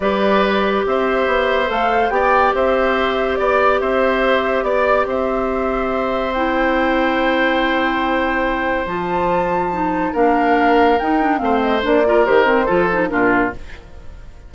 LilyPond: <<
  \new Staff \with { instrumentName = "flute" } { \time 4/4 \tempo 4 = 142 d''2 e''2 | f''4 g''4 e''2 | d''4 e''2 d''4 | e''2. g''4~ |
g''1~ | g''4 a''2. | f''2 g''4 f''8 dis''8 | d''4 c''2 ais'4 | }
  \new Staff \with { instrumentName = "oboe" } { \time 4/4 b'2 c''2~ | c''4 d''4 c''2 | d''4 c''2 d''4 | c''1~ |
c''1~ | c''1 | ais'2. c''4~ | c''8 ais'4. a'4 f'4 | }
  \new Staff \with { instrumentName = "clarinet" } { \time 4/4 g'1 | a'4 g'2.~ | g'1~ | g'2. e'4~ |
e'1~ | e'4 f'2 dis'4 | d'2 dis'8 d'8 c'4 | d'8 f'8 g'8 c'8 f'8 dis'8 d'4 | }
  \new Staff \with { instrumentName = "bassoon" } { \time 4/4 g2 c'4 b4 | a4 b4 c'2 | b4 c'2 b4 | c'1~ |
c'1~ | c'4 f2. | ais2 dis'4 a4 | ais4 dis4 f4 ais,4 | }
>>